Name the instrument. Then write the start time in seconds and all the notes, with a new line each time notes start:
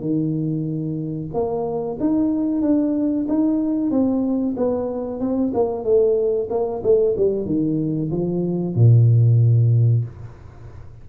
tuba
0.00 D#3
1.33 A#3
2.00 D#4
2.62 D4
3.28 D#4
3.90 C4
4.57 B3
5.20 C4
5.54 A#3
5.84 A3
6.50 A#3
6.83 A3
7.17 G3
7.45 D#3
8.11 F3
8.75 A#2